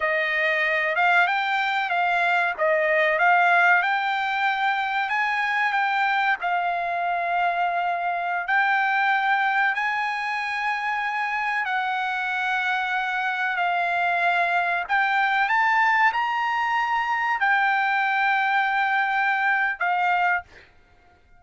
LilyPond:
\new Staff \with { instrumentName = "trumpet" } { \time 4/4 \tempo 4 = 94 dis''4. f''8 g''4 f''4 | dis''4 f''4 g''2 | gis''4 g''4 f''2~ | f''4~ f''16 g''2 gis''8.~ |
gis''2~ gis''16 fis''4.~ fis''16~ | fis''4~ fis''16 f''2 g''8.~ | g''16 a''4 ais''2 g''8.~ | g''2. f''4 | }